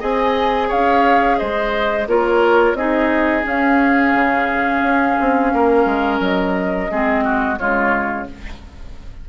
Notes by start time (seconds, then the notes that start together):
0.00 C4 G#4 D#5 G#5
0.68 C#4 C#5 F5
1.38 G#3 C5 D#5
2.07 A#3 F4 A#4 C#5
2.74 C4 D#4 G#4 D#5
3.44 C#4 F5
4.14 C#3
4.82 C#4
5.20 C4
5.53 A#3 A#4
5.85 G#3
6.20 F#3 D#5
6.91 G#3 C4 G#4
7.25 F#4
7.57 C#3 G#3 F4 C#5